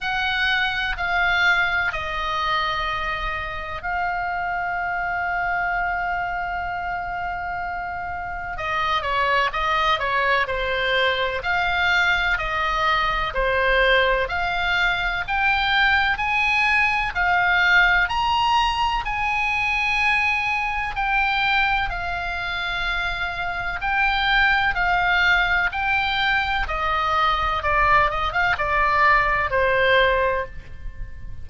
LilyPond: \new Staff \with { instrumentName = "oboe" } { \time 4/4 \tempo 4 = 63 fis''4 f''4 dis''2 | f''1~ | f''4 dis''8 cis''8 dis''8 cis''8 c''4 | f''4 dis''4 c''4 f''4 |
g''4 gis''4 f''4 ais''4 | gis''2 g''4 f''4~ | f''4 g''4 f''4 g''4 | dis''4 d''8 dis''16 f''16 d''4 c''4 | }